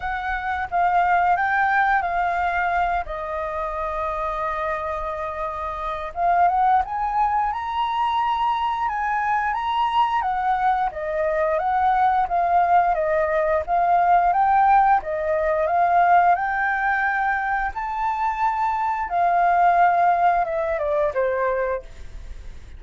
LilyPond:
\new Staff \with { instrumentName = "flute" } { \time 4/4 \tempo 4 = 88 fis''4 f''4 g''4 f''4~ | f''8 dis''2.~ dis''8~ | dis''4 f''8 fis''8 gis''4 ais''4~ | ais''4 gis''4 ais''4 fis''4 |
dis''4 fis''4 f''4 dis''4 | f''4 g''4 dis''4 f''4 | g''2 a''2 | f''2 e''8 d''8 c''4 | }